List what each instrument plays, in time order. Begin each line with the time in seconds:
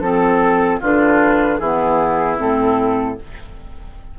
0.00 bassoon F3, clarinet C4, flute A4, oboe A4
0.81 bassoon D3, clarinet D4, oboe F4, flute B4
1.59 bassoon E3, clarinet B3, oboe E4, flute G#4
2.38 bassoon A2, clarinet C4, flute A4